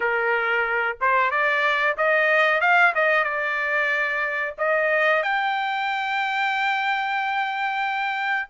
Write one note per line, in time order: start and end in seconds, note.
0.00 0.97 A#4
1.00 1.30 C5
1.30 1.96 D5
1.97 2.60 D#5
2.60 2.93 F5
2.94 3.23 D#5
3.23 4.54 D5
4.58 5.22 D#5
5.22 8.48 G5